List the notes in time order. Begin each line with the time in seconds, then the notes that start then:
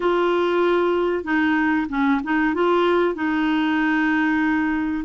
0.00 F4
1.23 D#4
1.89 C#4
2.23 D#4
2.54 F4
3.14 D#4